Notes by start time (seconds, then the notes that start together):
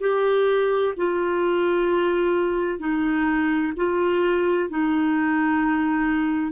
0.00 G4
0.97 F4
2.79 D#4
3.76 F4
4.69 D#4